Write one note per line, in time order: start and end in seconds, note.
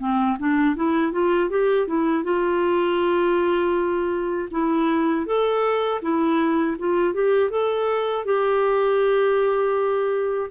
0.00 0.38 C4
0.39 0.76 D4
0.76 1.12 E4
1.12 1.50 F4
1.50 1.87 G4
1.87 2.24 E4
2.24 4.49 F4
4.51 5.26 E4
5.26 6.01 A4
6.02 6.77 E4
6.79 7.14 F4
7.14 7.50 G4
7.50 8.25 A4
8.25 10.50 G4